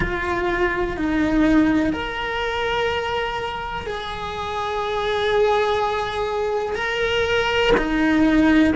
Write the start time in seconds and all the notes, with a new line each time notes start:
0.00 F4
0.97 D#4
1.93 A#4
3.86 G#4
6.75 A#4
7.77 D#4